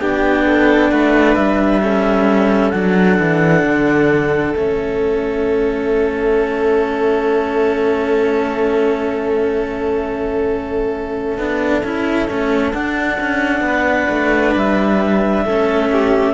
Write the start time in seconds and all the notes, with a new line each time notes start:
0.00 B3 D4 G4 G5
0.46 A4
0.91 A3 B4 F#5
1.35 G3 E5
1.83 C#4 A4
2.70 F#3 D4 F#5
3.19 E3
3.63 D3
4.52 A3 C#4 E5
11.37 B3 D4
11.83 C#4 E4
12.28 A3 C#4
12.73 D4 F#5
13.20 C#4
13.61 B3 B4
14.10 A3
14.55 G3 E5
15.45 A3 C#4 A4
15.92 G4